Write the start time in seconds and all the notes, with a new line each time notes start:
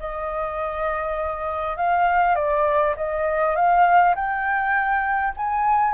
0.00 D#5
1.77 F5
2.36 D5
2.97 D#5
3.56 F5
4.16 G5
5.37 G#5